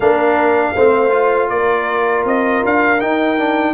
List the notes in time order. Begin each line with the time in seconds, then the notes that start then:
0.00 A#3 D4 A#4 F5
0.75 A3 C4 C5
1.10 F4
1.49 A#3 A#4 D5
2.25 C4 D#5
2.64 D4 F5
3.00 D#4 G5
3.37 D4